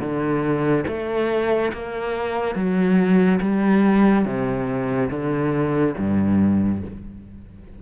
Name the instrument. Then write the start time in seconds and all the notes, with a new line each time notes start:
cello
0.00 D3
0.88 A3
1.73 A#3
2.55 F#3
3.41 G3
4.25 C3
5.10 D3
5.98 G2